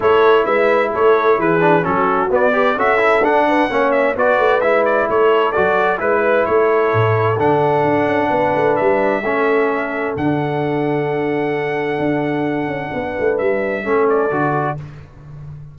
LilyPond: <<
  \new Staff \with { instrumentName = "trumpet" } { \time 4/4 \tempo 4 = 130 cis''4 e''4 cis''4 b'4 | a'4 d''4 e''4 fis''4~ | fis''8 e''8 d''4 e''8 d''8 cis''4 | d''4 b'4 cis''2 |
fis''2. e''4~ | e''2 fis''2~ | fis''1~ | fis''4 e''4. d''4. | }
  \new Staff \with { instrumentName = "horn" } { \time 4/4 a'4 b'4 a'4 gis'4 | fis'4. b'8 a'4. b'8 | cis''4 b'2 a'4~ | a'4 b'4 a'2~ |
a'2 b'2 | a'1~ | a'1 | b'2 a'2 | }
  \new Staff \with { instrumentName = "trombone" } { \time 4/4 e'2.~ e'8 d'8 | cis'4 b8 g'8 fis'8 e'8 d'4 | cis'4 fis'4 e'2 | fis'4 e'2. |
d'1 | cis'2 d'2~ | d'1~ | d'2 cis'4 fis'4 | }
  \new Staff \with { instrumentName = "tuba" } { \time 4/4 a4 gis4 a4 e4 | fis4 b4 cis'4 d'4 | ais4 b8 a8 gis4 a4 | fis4 gis4 a4 a,4 |
d4 d'8 cis'8 b8 a8 g4 | a2 d2~ | d2 d'4. cis'8 | b8 a8 g4 a4 d4 | }
>>